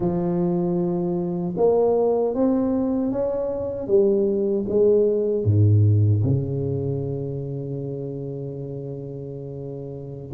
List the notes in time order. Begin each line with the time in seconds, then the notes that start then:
0.00 F3
1.57 A#3
2.34 C4
3.11 C#4
3.87 G3
4.68 G#3
5.44 G#2
6.23 C#3